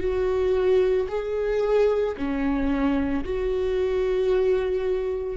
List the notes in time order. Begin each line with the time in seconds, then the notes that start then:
0.00 F#4
1.08 G#4
2.17 C#4
3.24 F#4